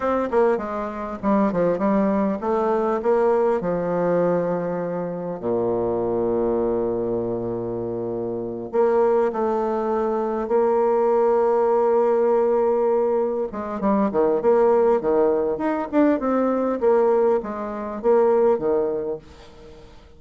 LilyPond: \new Staff \with { instrumentName = "bassoon" } { \time 4/4 \tempo 4 = 100 c'8 ais8 gis4 g8 f8 g4 | a4 ais4 f2~ | f4 ais,2.~ | ais,2~ ais,8 ais4 a8~ |
a4. ais2~ ais8~ | ais2~ ais8 gis8 g8 dis8 | ais4 dis4 dis'8 d'8 c'4 | ais4 gis4 ais4 dis4 | }